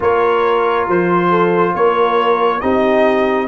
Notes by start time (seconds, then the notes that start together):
0.00 A#3 F4 A#4 C#5
0.87 F3 C5
1.30 A4
1.74 A#3 A#4 C#5
2.60 C4 D#4 G4 D#5